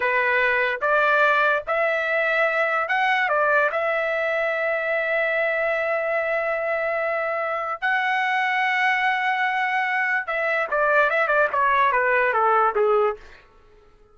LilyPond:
\new Staff \with { instrumentName = "trumpet" } { \time 4/4 \tempo 4 = 146 b'2 d''2 | e''2. fis''4 | d''4 e''2.~ | e''1~ |
e''2. fis''4~ | fis''1~ | fis''4 e''4 d''4 e''8 d''8 | cis''4 b'4 a'4 gis'4 | }